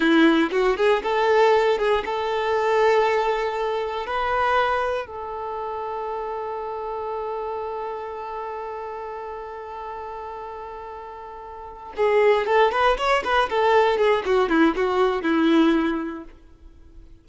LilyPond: \new Staff \with { instrumentName = "violin" } { \time 4/4 \tempo 4 = 118 e'4 fis'8 gis'8 a'4. gis'8 | a'1 | b'2 a'2~ | a'1~ |
a'1~ | a'2.~ a'8 gis'8~ | gis'8 a'8 b'8 cis''8 b'8 a'4 gis'8 | fis'8 e'8 fis'4 e'2 | }